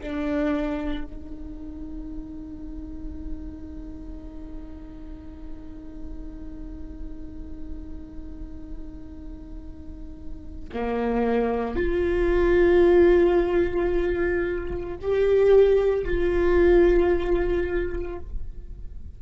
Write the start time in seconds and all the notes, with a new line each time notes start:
0.00 D4
1.05 D#4
10.74 A#3
11.76 F4
15.01 G4
16.05 F4